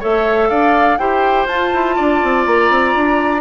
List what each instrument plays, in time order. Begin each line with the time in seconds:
0.00 bassoon A3, clarinet A4, oboe C#5, flute E5
0.50 bassoon D4, oboe D5, flute F5
0.98 bassoon E4, clarinet G4, oboe C5, flute G5
1.46 bassoon F4, clarinet F4, flute A5
1.74 bassoon E4
1.96 bassoon D4, oboe D5
2.24 bassoon C4
2.46 bassoon A#3, flute A#5
2.71 bassoon C4
2.95 bassoon D4